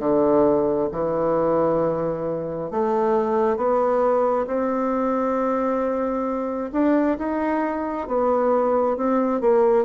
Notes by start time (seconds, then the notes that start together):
0.00 D3
0.92 E3
2.71 A3
3.57 B3
4.47 C4
6.73 D4
7.19 D#4
8.08 B3
8.98 C4
9.41 A#3